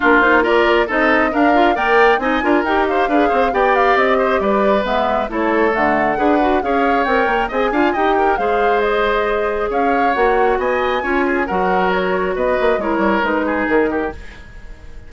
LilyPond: <<
  \new Staff \with { instrumentName = "flute" } { \time 4/4 \tempo 4 = 136 ais'8 c''8 d''4 dis''4 f''4 | g''4 gis''4 g''8 f''4. | g''8 f''8 dis''4 d''4 e''4 | cis''4 fis''2 f''4 |
g''4 gis''4 g''4 f''4 | dis''2 f''4 fis''4 | gis''2 fis''4 cis''4 | dis''4 cis''4 b'4 ais'4 | }
  \new Staff \with { instrumentName = "oboe" } { \time 4/4 f'4 ais'4 a'4 ais'4 | d''4 dis''8 ais'4 c''8 b'8 c''8 | d''4. c''8 b'2 | a'2 b'4 cis''4~ |
cis''4 dis''8 f''8 dis''8 ais'8 c''4~ | c''2 cis''2 | dis''4 cis''8 gis'8 ais'2 | b'4 ais'4. gis'4 g'8 | }
  \new Staff \with { instrumentName = "clarinet" } { \time 4/4 d'8 dis'8 f'4 dis'4 d'8 f'8 | ais'4 dis'8 f'8 g'4 gis'4 | g'2. b4 | e'4 a4 gis'8 fis'8 gis'4 |
ais'4 gis'8 f'8 g'4 gis'4~ | gis'2. fis'4~ | fis'4 f'4 fis'2~ | fis'4 e'4 dis'2 | }
  \new Staff \with { instrumentName = "bassoon" } { \time 4/4 ais2 c'4 d'4 | ais4 c'8 d'8 dis'4 d'8 c'8 | b4 c'4 g4 gis4 | a4 d4 d'4 cis'4 |
c'8 ais8 c'8 d'8 dis'4 gis4~ | gis2 cis'4 ais4 | b4 cis'4 fis2 | b8 ais8 gis8 g8 gis4 dis4 | }
>>